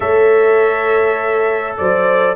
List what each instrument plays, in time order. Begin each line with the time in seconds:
0.00 tuba A3, trombone A4, horn C#5, trumpet E5
1.77 tuba F#3, horn C5, trumpet D5